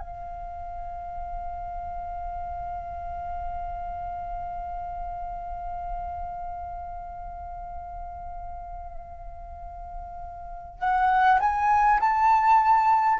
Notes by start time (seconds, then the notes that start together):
0.00 F5
10.79 F#5
11.40 G#5
12.00 A5